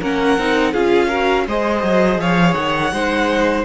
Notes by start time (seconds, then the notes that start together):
0.00 A#3 C#4 A#4 F#5
0.38 C4 D#4
0.72 C#4 F4 G#4 F5
1.08 F#4 A#4
1.47 G#3 G#4 C5 D#5
1.83 F#3
2.18 F3 C#5 F5
2.54 D#3 F#5
2.92 G#3 D#4 C5